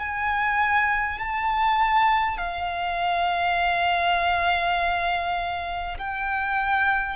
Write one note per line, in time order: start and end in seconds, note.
0.00 1.20 G#5
1.20 2.38 A5
2.38 5.98 F5
5.98 7.17 G5